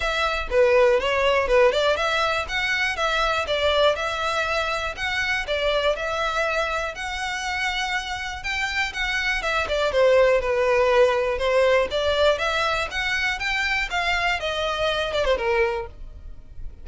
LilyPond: \new Staff \with { instrumentName = "violin" } { \time 4/4 \tempo 4 = 121 e''4 b'4 cis''4 b'8 d''8 | e''4 fis''4 e''4 d''4 | e''2 fis''4 d''4 | e''2 fis''2~ |
fis''4 g''4 fis''4 e''8 d''8 | c''4 b'2 c''4 | d''4 e''4 fis''4 g''4 | f''4 dis''4. d''16 c''16 ais'4 | }